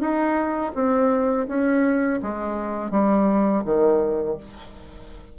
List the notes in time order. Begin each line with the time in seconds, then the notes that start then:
0.00 D#4
0.75 C4
1.48 C#4
2.22 G#3
2.91 G3
3.65 D#3